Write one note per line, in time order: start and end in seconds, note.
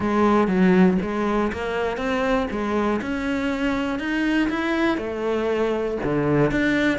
0.00 0.47 G#3
0.47 0.97 F#3
1.02 1.52 G#3
1.52 1.97 A#3
1.97 2.47 C4
2.50 3.00 G#3
3.01 3.99 C#4
3.99 4.49 D#4
4.49 4.97 E4
4.97 5.97 A3
6.03 6.51 D3
6.51 6.98 D4